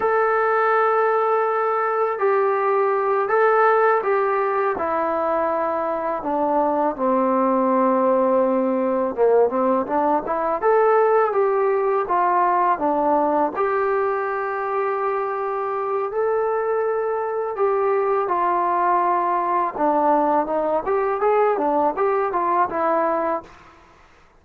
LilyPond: \new Staff \with { instrumentName = "trombone" } { \time 4/4 \tempo 4 = 82 a'2. g'4~ | g'8 a'4 g'4 e'4.~ | e'8 d'4 c'2~ c'8~ | c'8 ais8 c'8 d'8 e'8 a'4 g'8~ |
g'8 f'4 d'4 g'4.~ | g'2 a'2 | g'4 f'2 d'4 | dis'8 g'8 gis'8 d'8 g'8 f'8 e'4 | }